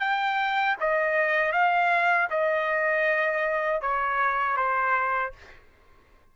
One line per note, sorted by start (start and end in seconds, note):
0.00 0.76 G5
0.80 1.53 D#5
1.53 2.29 F5
2.30 3.81 D#5
3.81 4.57 C#5
4.57 5.33 C5